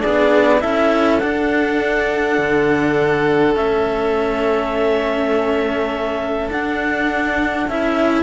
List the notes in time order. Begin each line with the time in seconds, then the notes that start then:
0.00 B3 D4 G#4 D5
0.61 C#4 E4 A4 E5
1.19 D4 F#5
2.39 D3
3.56 A3 C#4 E5
6.49 D4 F#5
7.68 C#4 E4 E5